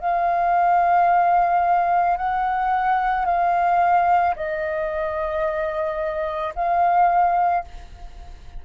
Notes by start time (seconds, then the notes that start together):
0.00 F5
2.17 F#5
3.26 F5
4.36 D#5
6.56 F5